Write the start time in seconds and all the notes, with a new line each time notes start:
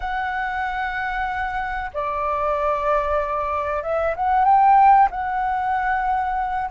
0.00 F#5
1.93 D5
3.82 E5
4.15 F#5
4.44 G5
5.11 F#5